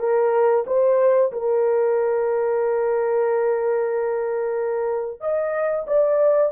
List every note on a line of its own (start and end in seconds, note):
0.00 0.65 A#4
0.67 1.32 C5
1.33 5.21 A#4
5.21 5.86 D#5
5.88 6.52 D5